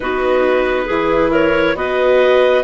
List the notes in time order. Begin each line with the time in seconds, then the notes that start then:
0.00 B3 D#4 F#4 B4
0.85 E3 E4 G#4
1.30 A#4 C#5
1.74 B3 F#4 B4 D#5